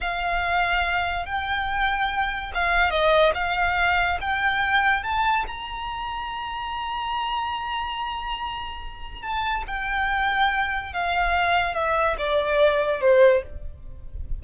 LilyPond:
\new Staff \with { instrumentName = "violin" } { \time 4/4 \tempo 4 = 143 f''2. g''4~ | g''2 f''4 dis''4 | f''2 g''2 | a''4 ais''2.~ |
ais''1~ | ais''2 a''4 g''4~ | g''2 f''2 | e''4 d''2 c''4 | }